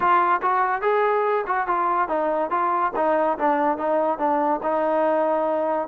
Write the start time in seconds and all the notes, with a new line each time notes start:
0.00 F4
0.42 F#4
0.81 G#4
1.46 F#4
1.67 F4
2.08 D#4
2.50 F4
2.95 D#4
3.38 D4
3.77 D#4
4.18 D4
4.62 D#4